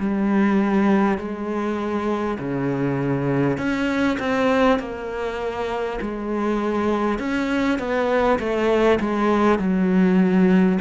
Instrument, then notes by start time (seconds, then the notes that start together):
cello
0.00 G3
1.18 G#3
2.39 C#3
3.58 C#4
4.20 C4
4.79 A#3
6.02 G#3
7.19 C#4
7.79 B3
8.40 A3
9.01 G#3
9.59 F#3